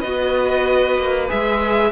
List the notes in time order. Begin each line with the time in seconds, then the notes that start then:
0.00 B3 F#4 B4 D#5
0.98 A#3
1.28 G#3 G#4 E5